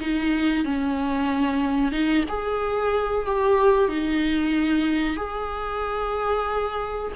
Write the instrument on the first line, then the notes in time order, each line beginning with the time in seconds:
viola
0.00 D#4
0.64 C#4
1.92 D#4
2.28 G#4
3.25 G4
3.89 D#4
5.16 G#4